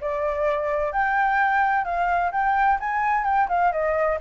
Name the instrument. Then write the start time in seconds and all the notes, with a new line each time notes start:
flute
0.00 D5
0.92 G5
1.84 F5
2.32 G5
2.79 G#5
3.24 G5
3.48 F5
3.72 D#5